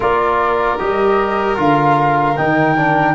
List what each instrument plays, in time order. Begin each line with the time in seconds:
0.00 tuba A#3, trombone F4, violin A#4, flute D5
0.77 tuba G3, trombone G4, flute D#5
1.55 tuba D3, trombone F4, flute F5
2.37 tuba D#3, trombone D#4, flute G5
2.76 trombone D4